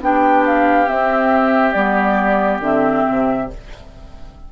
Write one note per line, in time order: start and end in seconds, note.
0.00 0.87 B3
0.00 0.86 D4
0.00 3.51 G4
0.00 0.45 G5
0.46 0.89 F5
0.86 1.73 C4
0.86 1.74 C4
0.86 1.72 E5
1.72 2.59 G3
1.72 2.61 B3
1.72 2.59 D5
2.59 3.03 D3
2.59 3.48 C4
2.59 3.50 E5
3.08 3.52 C3